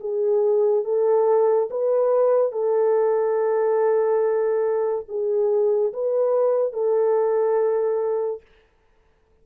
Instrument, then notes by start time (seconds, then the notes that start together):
horn
0.00 G#4
0.85 A4
1.71 B4
2.52 A4
5.09 G#4
5.93 B4
6.73 A4